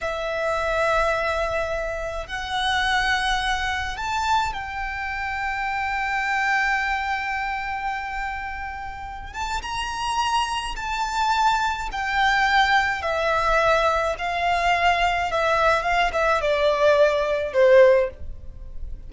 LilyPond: \new Staff \with { instrumentName = "violin" } { \time 4/4 \tempo 4 = 106 e''1 | fis''2. a''4 | g''1~ | g''1~ |
g''8 a''8 ais''2 a''4~ | a''4 g''2 e''4~ | e''4 f''2 e''4 | f''8 e''8 d''2 c''4 | }